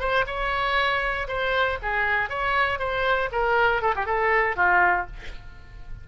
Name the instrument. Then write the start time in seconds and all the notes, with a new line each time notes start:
oboe
0.00 C5
0.27 C#5
1.28 C5
1.82 G#4
2.29 C#5
2.79 C5
3.32 A#4
3.82 A4
3.96 G4
4.06 A4
4.56 F4